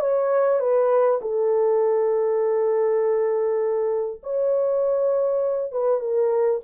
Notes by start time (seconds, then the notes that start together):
0.00 C#5
0.60 B4
1.21 A4
4.23 C#5
5.72 B4
6.00 A#4